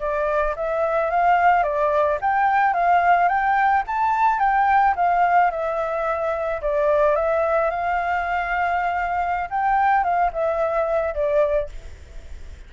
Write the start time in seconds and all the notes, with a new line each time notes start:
0.00 D5
0.56 E5
1.10 F5
1.63 D5
2.21 G5
2.73 F5
3.28 G5
3.87 A5
4.39 G5
4.96 F5
5.51 E5
6.62 D5
7.16 E5
7.70 F5
9.50 G5
10.04 F5
10.33 E5
11.14 D5